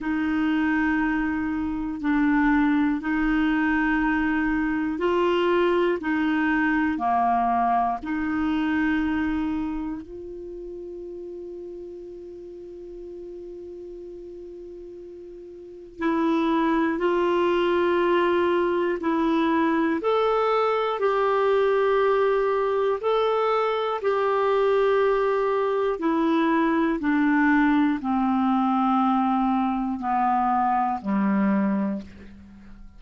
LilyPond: \new Staff \with { instrumentName = "clarinet" } { \time 4/4 \tempo 4 = 60 dis'2 d'4 dis'4~ | dis'4 f'4 dis'4 ais4 | dis'2 f'2~ | f'1 |
e'4 f'2 e'4 | a'4 g'2 a'4 | g'2 e'4 d'4 | c'2 b4 g4 | }